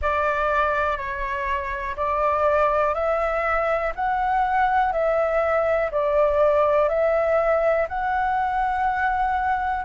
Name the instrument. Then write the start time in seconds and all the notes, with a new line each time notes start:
flute
0.01 D5
0.97 C#5
1.96 D5
2.94 E5
3.95 F#5
4.92 E5
5.91 D5
6.89 E5
7.88 F#5